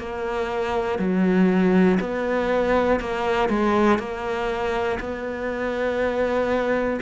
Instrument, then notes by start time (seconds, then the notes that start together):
cello
0.00 A#3
0.99 F#3
2.00 B3
3.01 A#3
3.50 G#3
4.00 A#3
5.00 B3